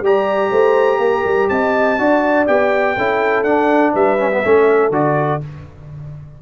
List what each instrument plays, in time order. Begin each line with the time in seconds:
0.00 tuba G3, trombone G4, horn D5, trumpet A#5
0.50 tuba A3, horn C5
0.98 tuba A#3, horn A#4
1.25 tuba G3
1.48 tuba C4, horn D#5, trumpet A5
1.98 tuba D4, trombone F#4, horn D5
2.46 tuba B3, trombone G4, trumpet G5
2.96 tuba C#4, trombone E4, horn A4
3.43 tuba D4, trombone D4, trumpet F#5
3.92 tuba G3, horn B4, trumpet E5
4.18 trombone C#4
4.31 trombone B3
4.44 tuba A3, trombone C#4, horn A4
4.90 tuba D3, trombone F#4, trumpet D5